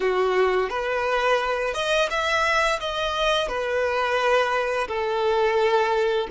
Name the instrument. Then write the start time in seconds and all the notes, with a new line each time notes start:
violin
0.00 F#4
0.69 B4
1.74 D#5
2.10 E5
2.80 D#5
3.48 B4
4.88 A4